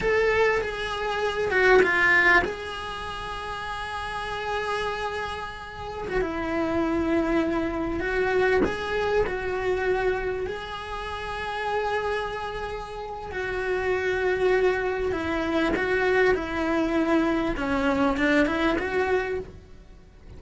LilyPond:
\new Staff \with { instrumentName = "cello" } { \time 4/4 \tempo 4 = 99 a'4 gis'4. fis'8 f'4 | gis'1~ | gis'2 fis'16 e'4.~ e'16~ | e'4~ e'16 fis'4 gis'4 fis'8.~ |
fis'4~ fis'16 gis'2~ gis'8.~ | gis'2 fis'2~ | fis'4 e'4 fis'4 e'4~ | e'4 cis'4 d'8 e'8 fis'4 | }